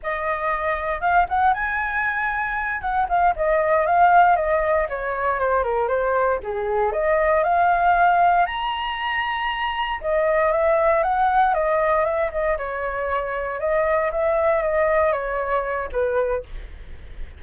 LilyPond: \new Staff \with { instrumentName = "flute" } { \time 4/4 \tempo 4 = 117 dis''2 f''8 fis''8 gis''4~ | gis''4. fis''8 f''8 dis''4 f''8~ | f''8 dis''4 cis''4 c''8 ais'8 c''8~ | c''8 gis'4 dis''4 f''4.~ |
f''8 ais''2. dis''8~ | dis''8 e''4 fis''4 dis''4 e''8 | dis''8 cis''2 dis''4 e''8~ | e''8 dis''4 cis''4. b'4 | }